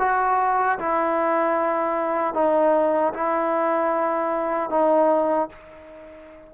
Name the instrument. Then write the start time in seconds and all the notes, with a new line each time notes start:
trombone
0.00 F#4
0.79 E4
2.35 D#4
3.14 E4
4.70 D#4